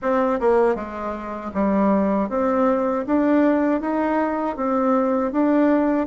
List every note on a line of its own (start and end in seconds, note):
0.01 0.39 C4
0.40 0.75 A#3
0.75 1.51 G#3
1.54 2.29 G3
2.29 3.05 C4
3.06 3.80 D4
3.80 4.56 D#4
4.56 5.32 C4
5.32 6.07 D4